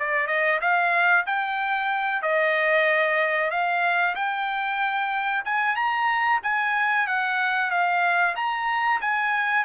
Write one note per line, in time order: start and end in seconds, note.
0.00 0.28 D5
0.28 0.60 D#5
0.61 1.26 F5
1.27 2.23 G5
2.23 3.51 D#5
3.51 4.16 F5
4.16 5.45 G5
5.45 5.76 G#5
5.76 6.41 A#5
6.44 7.08 G#5
7.08 7.71 F#5
7.71 8.35 F5
8.36 9.01 A#5
9.01 9.65 G#5